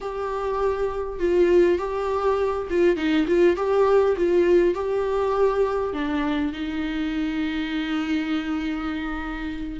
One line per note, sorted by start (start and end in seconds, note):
0.01 1.19 G4
1.19 1.78 F4
1.78 2.67 G4
2.69 2.96 F4
2.96 3.26 D#4
3.27 3.56 F4
3.56 4.16 G4
4.17 4.74 F4
4.74 5.93 G4
5.93 6.52 D4
6.53 9.79 D#4